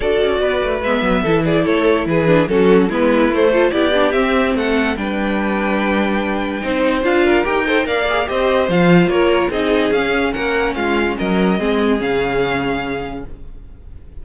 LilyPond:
<<
  \new Staff \with { instrumentName = "violin" } { \time 4/4 \tempo 4 = 145 d''2 e''4. d''8 | cis''4 b'4 a'4 b'4 | c''4 d''4 e''4 fis''4 | g''1~ |
g''4 f''4 g''4 f''4 | dis''4 f''4 cis''4 dis''4 | f''4 fis''4 f''4 dis''4~ | dis''4 f''2. | }
  \new Staff \with { instrumentName = "violin" } { \time 4/4 a'4 b'2 a'8 gis'8 | a'4 gis'4 fis'4 e'4~ | e'8 a'8 g'2 a'4 | b'1 |
c''4. ais'4 c''8 d''4 | c''2 ais'4 gis'4~ | gis'4 ais'4 f'4 ais'4 | gis'1 | }
  \new Staff \with { instrumentName = "viola" } { \time 4/4 fis'2 b4 e'4~ | e'4. d'8 cis'4 b4 | a8 f'8 e'8 d'8 c'2 | d'1 |
dis'4 f'4 g'8 a'8 ais'8 gis'8 | g'4 f'2 dis'4 | cis'1 | c'4 cis'2. | }
  \new Staff \with { instrumentName = "cello" } { \time 4/4 d'8 cis'8 b8 a8 gis8 fis8 e4 | a4 e4 fis4 gis4 | a4 b4 c'4 a4 | g1 |
c'4 d'4 dis'4 ais4 | c'4 f4 ais4 c'4 | cis'4 ais4 gis4 fis4 | gis4 cis2. | }
>>